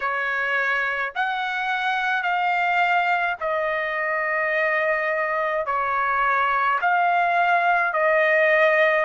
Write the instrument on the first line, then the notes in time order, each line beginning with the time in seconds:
trumpet
0.00 C#5
1.15 F#5
2.22 F5
3.40 D#5
5.66 C#5
6.81 F5
7.93 D#5